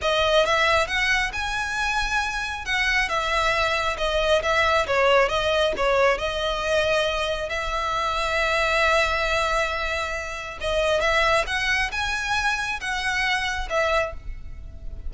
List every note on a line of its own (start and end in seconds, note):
0.01 0.45 D#5
0.45 0.87 E5
0.87 1.31 F#5
1.32 2.65 G#5
2.65 3.08 F#5
3.08 3.96 E5
3.97 4.41 D#5
4.42 4.86 E5
4.86 5.28 C#5
5.28 5.73 D#5
5.77 6.18 C#5
6.18 7.49 D#5
7.49 10.58 E5
10.60 11.00 D#5
11.00 11.44 E5
11.46 11.90 F#5
11.91 12.79 G#5
12.80 13.68 F#5
13.69 14.13 E5